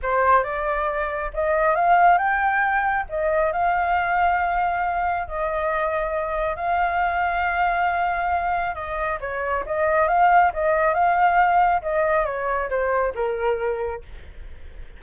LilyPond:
\new Staff \with { instrumentName = "flute" } { \time 4/4 \tempo 4 = 137 c''4 d''2 dis''4 | f''4 g''2 dis''4 | f''1 | dis''2. f''4~ |
f''1 | dis''4 cis''4 dis''4 f''4 | dis''4 f''2 dis''4 | cis''4 c''4 ais'2 | }